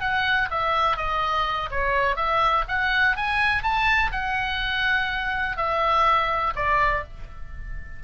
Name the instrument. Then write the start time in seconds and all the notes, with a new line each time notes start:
oboe
0.00 F#5
0.50 E5
0.97 D#5
1.70 C#5
2.16 E5
2.68 F#5
3.16 G#5
3.63 A5
4.11 F#5
5.56 E5
6.55 D5